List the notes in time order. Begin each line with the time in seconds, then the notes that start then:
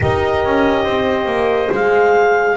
0.00 D#4 G4 A#4 D#5
0.45 C#4
0.84 C4 C5
1.26 A#3
1.71 G#3 G#4 F5